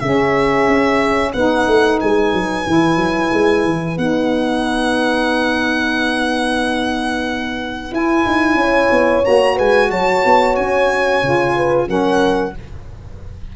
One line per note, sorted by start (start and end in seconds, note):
0.00 0.67 C#3
0.00 1.34 C#4
0.00 1.32 G#4
0.00 1.32 E5
0.68 1.34 C#4
1.32 1.67 B3
1.32 2.66 D#4
1.32 8.57 B4
1.32 1.99 F#5
1.67 2.00 A3
2.01 2.33 G#3
2.01 3.98 G#5
2.33 2.66 F#3
2.66 2.97 E3
2.66 3.97 E4
2.97 3.30 F#3
3.33 3.65 G#3
3.65 3.97 E3
3.97 7.92 B3
3.97 7.91 D#4
3.97 7.94 F#5
7.91 9.23 E4
7.91 8.25 E4
7.91 9.25 G#5
8.26 8.55 D#4
8.55 8.88 C#4
8.55 9.56 C#5
8.91 9.24 B3
9.24 9.59 A#3
9.24 11.22 F#4
9.24 9.58 A#5
9.56 9.91 G#3
9.56 9.89 B4
9.56 9.91 G#5
9.91 10.24 F#3
9.91 11.56 C#5
9.91 10.56 A5
10.26 10.57 B3
10.56 11.23 C#4
10.56 11.88 G#5
11.23 11.89 C#3
11.23 11.88 F4
11.56 11.89 B4
11.88 12.55 F#3
11.88 12.54 C#4
11.88 12.55 A#4
11.88 12.56 F#5